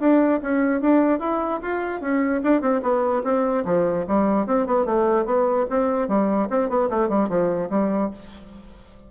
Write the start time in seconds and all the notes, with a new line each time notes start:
0.00 D4
0.42 C#4
0.81 D4
1.20 E4
1.62 F4
2.01 C#4
2.44 D4
2.61 C4
2.82 B3
3.24 C4
3.65 F3
4.08 G3
4.46 C4
4.67 B3
4.86 A3
5.26 B3
5.70 C4
6.08 G3
6.50 C4
6.69 B3
6.90 A3
7.09 G3
7.29 F3
7.70 G3